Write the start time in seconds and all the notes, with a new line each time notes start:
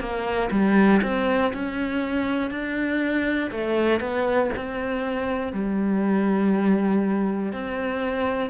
0.00 A#3
0.51 G3
1.03 C4
1.53 C#4
2.51 D4
3.51 A3
4.00 B3
4.56 C4
5.52 G3
7.52 C4